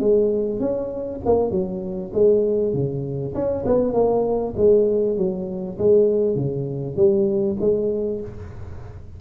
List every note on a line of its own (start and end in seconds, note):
0.00 0.60 G#3
0.60 1.20 C#4
1.25 1.51 A#3
1.51 2.12 F#3
2.13 2.73 G#3
2.73 3.34 C#3
3.34 3.65 C#4
3.66 3.93 B3
3.93 4.54 A#3
4.56 5.17 G#3
5.17 5.78 F#3
5.78 6.35 G#3
6.35 6.96 C#3
6.96 7.57 G3
7.60 8.21 G#3